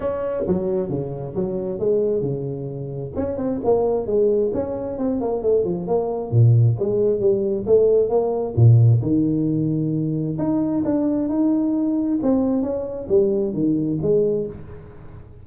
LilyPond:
\new Staff \with { instrumentName = "tuba" } { \time 4/4 \tempo 4 = 133 cis'4 fis4 cis4 fis4 | gis4 cis2 cis'8 c'8 | ais4 gis4 cis'4 c'8 ais8 | a8 f8 ais4 ais,4 gis4 |
g4 a4 ais4 ais,4 | dis2. dis'4 | d'4 dis'2 c'4 | cis'4 g4 dis4 gis4 | }